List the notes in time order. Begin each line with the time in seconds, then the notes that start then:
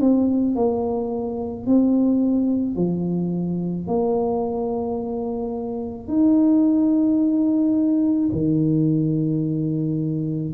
0.00 C4
0.55 A#3
1.66 C4
2.76 F3
3.87 A#3
6.08 D#4
8.32 D#3